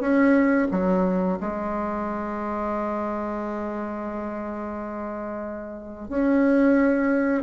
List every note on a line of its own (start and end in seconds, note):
0.00 0.67 C#4
0.71 1.39 F#3
1.40 6.09 G#3
6.09 7.43 C#4